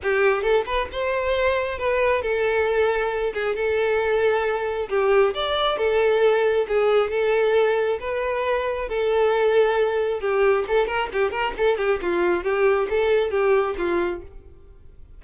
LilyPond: \new Staff \with { instrumentName = "violin" } { \time 4/4 \tempo 4 = 135 g'4 a'8 b'8 c''2 | b'4 a'2~ a'8 gis'8 | a'2. g'4 | d''4 a'2 gis'4 |
a'2 b'2 | a'2. g'4 | a'8 ais'8 g'8 ais'8 a'8 g'8 f'4 | g'4 a'4 g'4 f'4 | }